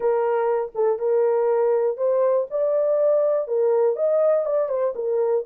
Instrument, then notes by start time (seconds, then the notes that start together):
horn
0.00 A#4
0.74 A4
0.98 A#4
1.97 C5
2.50 D5
3.47 A#4
3.96 D#5
4.45 D5
4.69 C5
4.95 A#4